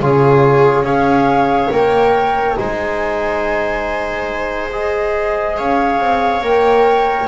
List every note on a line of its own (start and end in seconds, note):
0.00 0.82 C#3
0.00 0.85 F4
0.00 0.86 G#4
0.00 0.86 C#5
0.82 1.68 C#4
0.82 1.71 G#4
0.82 2.57 C#5
0.82 1.71 F5
1.71 2.57 A#3
1.71 2.56 A#4
1.71 2.57 G5
2.56 5.59 G#3
2.56 4.70 D#4
2.56 5.57 C5
2.56 4.71 G#5
4.72 6.42 G#4
4.72 5.57 D#5
5.57 5.99 C#4
5.57 7.28 C#5
5.57 6.43 F5
5.99 6.41 C4
6.41 7.26 A#3
6.41 7.28 A#4
6.41 7.28 G5